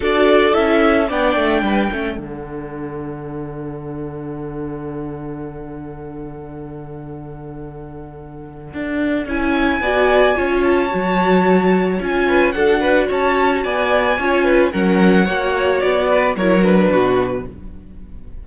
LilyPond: <<
  \new Staff \with { instrumentName = "violin" } { \time 4/4 \tempo 4 = 110 d''4 e''4 g''2 | fis''1~ | fis''1~ | fis''1~ |
fis''4 gis''2~ gis''8 a''8~ | a''2 gis''4 fis''4 | a''4 gis''2 fis''4~ | fis''4 d''4 cis''8 b'4. | }
  \new Staff \with { instrumentName = "violin" } { \time 4/4 a'2 d''4 b'8 a'8~ | a'1~ | a'1~ | a'1~ |
a'2 d''4 cis''4~ | cis''2~ cis''8 b'8 a'8 b'8 | cis''4 d''4 cis''8 b'8 ais'4 | cis''4. b'8 ais'4 fis'4 | }
  \new Staff \with { instrumentName = "viola" } { \time 4/4 fis'4 e'4 d'4. cis'8 | d'1~ | d'1~ | d'1~ |
d'4 e'4 fis'4 f'4 | fis'2 f'4 fis'4~ | fis'2 f'4 cis'4 | fis'2 e'8 d'4. | }
  \new Staff \with { instrumentName = "cello" } { \time 4/4 d'4 cis'4 b8 a8 g8 a8 | d1~ | d1~ | d1 |
d'4 cis'4 b4 cis'4 | fis2 cis'4 d'4 | cis'4 b4 cis'4 fis4 | ais4 b4 fis4 b,4 | }
>>